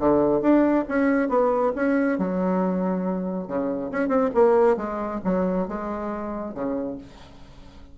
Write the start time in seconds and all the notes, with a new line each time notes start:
0.00 D3
0.42 D4
0.89 C#4
1.29 B3
1.76 C#4
2.19 F#3
3.48 C#3
3.92 C#4
4.09 C4
4.35 A#3
4.77 G#3
5.25 F#3
5.68 G#3
6.55 C#3